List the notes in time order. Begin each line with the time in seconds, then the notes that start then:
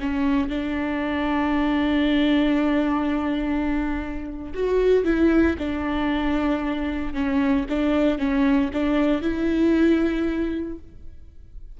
0.00 C#4
0.49 D4
4.54 F#4
5.04 E4
5.58 D4
7.13 C#4
7.69 D4
8.18 C#4
8.73 D4
9.21 E4